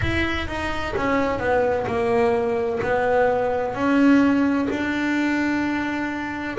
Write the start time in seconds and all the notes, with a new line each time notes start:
0.01 E4
0.47 D#4
0.96 C#4
1.39 B3
1.86 A#3
2.82 B3
3.75 C#4
4.70 D4